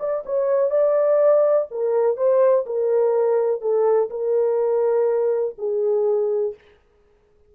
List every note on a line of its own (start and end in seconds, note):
0.00 0.24 D5
0.26 0.71 C#5
0.71 1.67 D5
1.71 2.17 A#4
2.17 2.65 C5
2.66 3.62 A#4
3.62 4.10 A4
4.10 5.56 A#4
5.58 6.55 G#4